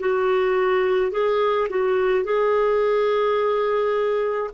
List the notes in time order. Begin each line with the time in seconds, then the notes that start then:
0.00 F#4
1.12 G#4
1.70 F#4
2.24 G#4